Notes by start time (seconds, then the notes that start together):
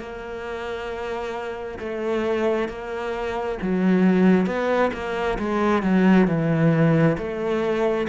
0.00 A#3
1.80 A3
2.69 A#3
3.62 F#3
4.47 B3
4.94 A#3
5.39 G#3
5.83 F#3
6.28 E3
7.18 A3